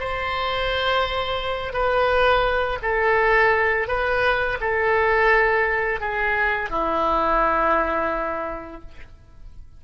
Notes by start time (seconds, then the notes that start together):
0.00 C5
1.73 B4
2.82 A4
3.88 B4
4.61 A4
6.00 G#4
6.70 E4